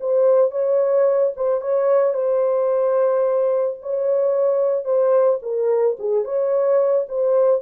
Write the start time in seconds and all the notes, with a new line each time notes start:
0.00 C5
0.51 C#5
1.36 C5
1.61 C#5
2.14 C5
3.82 C#5
4.84 C5
5.42 A#4
5.99 G#4
6.25 C#5
7.09 C5